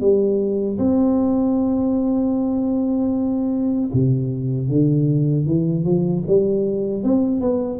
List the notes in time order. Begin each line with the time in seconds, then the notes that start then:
0.00 G3
0.78 C4
3.93 C3
4.68 D3
5.46 E3
5.84 F3
6.27 G3
7.03 C4
7.41 B3